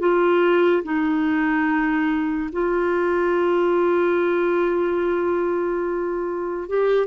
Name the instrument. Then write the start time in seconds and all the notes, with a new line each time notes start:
clarinet
0.00 F4
0.84 D#4
2.53 F4
6.69 G4